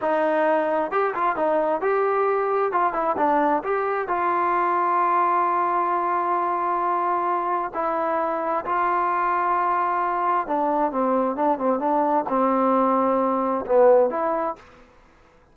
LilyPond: \new Staff \with { instrumentName = "trombone" } { \time 4/4 \tempo 4 = 132 dis'2 g'8 f'8 dis'4 | g'2 f'8 e'8 d'4 | g'4 f'2.~ | f'1~ |
f'4 e'2 f'4~ | f'2. d'4 | c'4 d'8 c'8 d'4 c'4~ | c'2 b4 e'4 | }